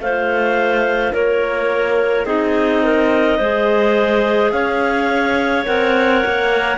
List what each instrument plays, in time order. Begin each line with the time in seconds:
0.00 cello A3, clarinet F4 C5 F5
1.13 cello A#3, clarinet A#4 C#5
2.26 cello C4, clarinet D#4 G#4 D#5
2.83 clarinet A#4
3.37 cello G#3, clarinet G#4 C5
4.51 cello C#4, clarinet C#5 F5
5.65 cello C4, clarinet A#4 F#5
6.25 cello A#3